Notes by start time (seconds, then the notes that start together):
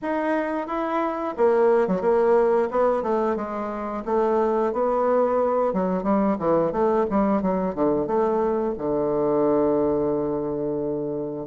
0.02 D#4
0.67 E4
1.37 A#3
1.87 F#3
2.01 A#3
2.70 B3
3.02 A3
3.36 G#3
4.05 A3
4.72 B3
5.73 F#3
6.03 G3
6.38 E3
6.72 A3
7.09 G3
7.42 F#3
7.74 D3
8.07 A3
8.78 D3